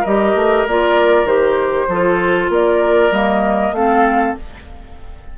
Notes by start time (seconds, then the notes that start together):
0.00 G3 G4 A#4 D#5
0.34 A3
0.66 A#3 F4 D5
1.24 D#3 G4 C5
1.87 F3 F4 A4
2.49 A#3 A#4 D5
3.11 G3 A#3 D#5
3.72 A3 C4 A4 F5